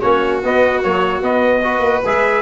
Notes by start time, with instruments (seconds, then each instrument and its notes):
0.00 tuba A#3, trombone C#4, violin F#4, trumpet C#5
0.43 tuba B3, trombone B3, trumpet D#5
0.82 trombone F#3, tuba A#3, trumpet C#5
1.22 trombone B3, tuba B3, trumpet D#5
1.63 trombone F#4, violin B4
1.80 tuba A#3
2.05 tuba G#3, trombone G#4, trumpet E5